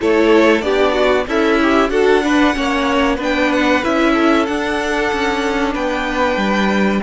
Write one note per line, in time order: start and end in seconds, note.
0.00 0.62 A3
0.00 0.62 E4
0.00 0.64 A4
0.00 0.61 C#5
0.61 1.26 B3
0.61 1.26 D4
0.61 0.92 G4
0.61 1.25 D5
0.92 1.24 F#4
1.27 1.89 C#4
1.27 1.91 E4
1.27 1.60 A4
1.27 1.90 E5
1.62 1.90 G4
1.89 2.53 D4
1.89 2.22 F#4
1.89 2.23 A4
1.89 3.17 F#5
2.22 2.54 D4
2.22 2.55 B4
2.54 3.17 A#3
2.54 3.17 C#4
2.54 3.15 C#5
3.15 3.81 B3
3.15 3.83 D4
3.15 4.11 B4
3.22 3.52 G5
3.52 3.84 F#5
3.83 4.48 C#4
3.83 4.47 E4
3.83 4.45 E5
4.13 5.73 A4
4.45 5.11 D4
4.45 7.02 D4
4.45 5.73 F#5
5.12 5.75 C#4
5.73 6.36 B3
5.73 7.00 B4
5.73 7.02 G5
6.36 7.00 G3